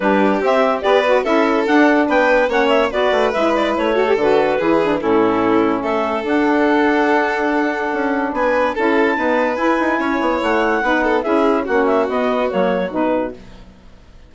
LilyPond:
<<
  \new Staff \with { instrumentName = "clarinet" } { \time 4/4 \tempo 4 = 144 b'4 e''4 d''4 e''4 | fis''4 g''4 fis''8 e''8 d''4 | e''8 d''8 cis''4 b'2 | a'2 e''4 fis''4~ |
fis''1 | gis''4 a''2 gis''4~ | gis''4 fis''2 e''4 | fis''8 e''8 dis''4 cis''4 b'4 | }
  \new Staff \with { instrumentName = "violin" } { \time 4/4 g'2 b'4 a'4~ | a'4 b'4 cis''4 b'4~ | b'4. a'4. gis'4 | e'2 a'2~ |
a'1 | b'4 a'4 b'2 | cis''2 b'8 a'8 gis'4 | fis'1 | }
  \new Staff \with { instrumentName = "saxophone" } { \time 4/4 d'4 c'4 g'8 fis'8 e'4 | d'2 cis'4 fis'4 | e'4. fis'16 g'16 fis'4 e'8 d'8 | cis'2. d'4~ |
d'1~ | d'4 e'4 b4 e'4~ | e'2 dis'4 e'4 | cis'4 b4 ais4 dis'4 | }
  \new Staff \with { instrumentName = "bassoon" } { \time 4/4 g4 c'4 b4 cis'4 | d'4 b4 ais4 b8 a8 | gis4 a4 d4 e4 | a,2 a4 d'4~ |
d'2. cis'4 | b4 cis'4 dis'4 e'8 dis'8 | cis'8 b8 a4 b4 cis'4 | ais4 b4 fis4 b,4 | }
>>